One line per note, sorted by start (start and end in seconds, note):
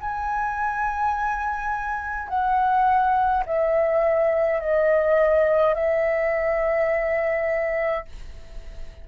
0.00 2.29 G#5
2.29 3.44 F#5
3.46 4.60 E5
4.60 5.74 D#5
5.74 8.05 E5